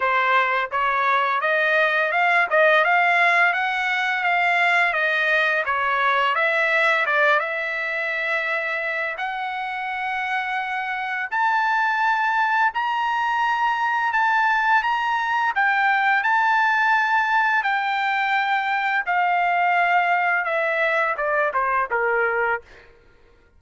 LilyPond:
\new Staff \with { instrumentName = "trumpet" } { \time 4/4 \tempo 4 = 85 c''4 cis''4 dis''4 f''8 dis''8 | f''4 fis''4 f''4 dis''4 | cis''4 e''4 d''8 e''4.~ | e''4 fis''2. |
a''2 ais''2 | a''4 ais''4 g''4 a''4~ | a''4 g''2 f''4~ | f''4 e''4 d''8 c''8 ais'4 | }